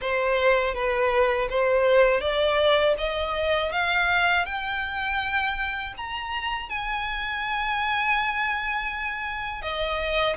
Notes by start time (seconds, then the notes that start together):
0.01 C5
0.74 B4
1.49 C5
2.21 D5
2.98 D#5
3.72 F5
4.45 G5
5.97 A#5
6.69 G#5
9.62 D#5